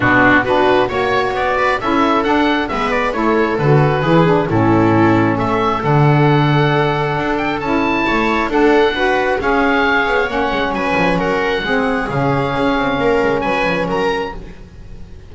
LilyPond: <<
  \new Staff \with { instrumentName = "oboe" } { \time 4/4 \tempo 4 = 134 fis'4 b'4 cis''4 d''4 | e''4 fis''4 e''8 d''8 cis''4 | b'2 a'2 | e''4 fis''2.~ |
fis''8 g''8 a''2 fis''4~ | fis''4 f''2 fis''4 | gis''4 fis''2 f''4~ | f''2 gis''4 ais''4 | }
  \new Staff \with { instrumentName = "viola" } { \time 4/4 d'4 fis'4 cis''4. b'8 | a'2 b'4 a'4~ | a'4 gis'4 e'2 | a'1~ |
a'2 cis''4 a'4 | b'4 cis''2. | b'4 ais'4 gis'2~ | gis'4 ais'4 b'4 ais'4 | }
  \new Staff \with { instrumentName = "saxophone" } { \time 4/4 b4 d'4 fis'2 | e'4 d'4 b4 e'4 | fis'4 e'8 d'8 cis'2~ | cis'4 d'2.~ |
d'4 e'2 d'4 | fis'4 gis'2 cis'4~ | cis'2 c'4 cis'4~ | cis'1 | }
  \new Staff \with { instrumentName = "double bass" } { \time 4/4 b,4 b4 ais4 b4 | cis'4 d'4 gis4 a4 | d4 e4 a,2 | a4 d2. |
d'4 cis'4 a4 d'4~ | d'4 cis'4. b8 ais8 gis8 | fis8 f8 fis4 gis4 cis4 | cis'8 c'8 ais8 gis8 fis8 f8 fis4 | }
>>